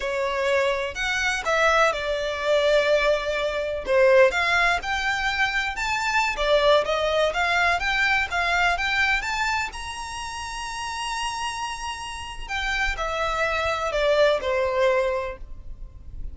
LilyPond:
\new Staff \with { instrumentName = "violin" } { \time 4/4 \tempo 4 = 125 cis''2 fis''4 e''4 | d''1 | c''4 f''4 g''2 | a''4~ a''16 d''4 dis''4 f''8.~ |
f''16 g''4 f''4 g''4 a''8.~ | a''16 ais''2.~ ais''8.~ | ais''2 g''4 e''4~ | e''4 d''4 c''2 | }